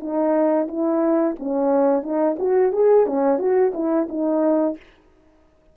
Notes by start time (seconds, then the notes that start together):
0.00 D#4
0.68 E4
1.39 C#4
2.03 D#4
2.39 F#4
2.73 G#4
3.07 C#4
3.39 F#4
3.74 E4
4.09 D#4